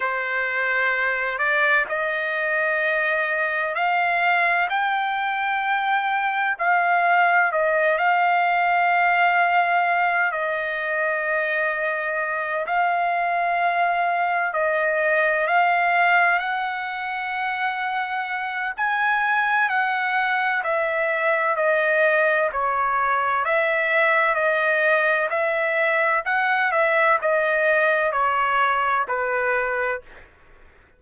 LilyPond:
\new Staff \with { instrumentName = "trumpet" } { \time 4/4 \tempo 4 = 64 c''4. d''8 dis''2 | f''4 g''2 f''4 | dis''8 f''2~ f''8 dis''4~ | dis''4. f''2 dis''8~ |
dis''8 f''4 fis''2~ fis''8 | gis''4 fis''4 e''4 dis''4 | cis''4 e''4 dis''4 e''4 | fis''8 e''8 dis''4 cis''4 b'4 | }